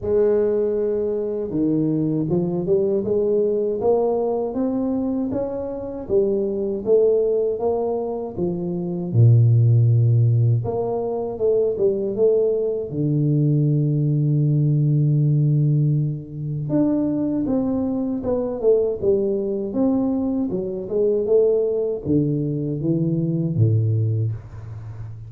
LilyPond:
\new Staff \with { instrumentName = "tuba" } { \time 4/4 \tempo 4 = 79 gis2 dis4 f8 g8 | gis4 ais4 c'4 cis'4 | g4 a4 ais4 f4 | ais,2 ais4 a8 g8 |
a4 d2.~ | d2 d'4 c'4 | b8 a8 g4 c'4 fis8 gis8 | a4 d4 e4 a,4 | }